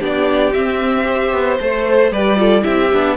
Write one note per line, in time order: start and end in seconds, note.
0.00 0.54 B3
0.00 0.53 D4
0.00 1.05 G4
0.00 0.54 D5
0.54 1.04 C4
0.54 1.33 C4
0.54 1.59 E5
1.04 1.57 G4
1.04 2.12 C5
1.33 1.59 B3
1.60 2.11 A3
1.60 2.12 A4
1.60 2.13 C5
2.11 2.64 G3
2.11 2.37 G4
2.11 2.38 B4
2.11 2.64 D5
2.37 2.62 F4
2.37 2.63 A4
2.62 2.93 C4
2.62 2.88 E4
2.62 3.16 G4
2.62 3.16 E5
2.93 3.17 B3
2.93 3.17 D4